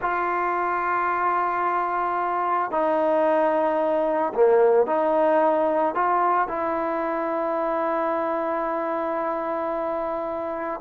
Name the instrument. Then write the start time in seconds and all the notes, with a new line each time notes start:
trombone
0.01 F4
2.71 D#4
4.33 A#3
4.86 D#4
5.94 F4
6.48 E4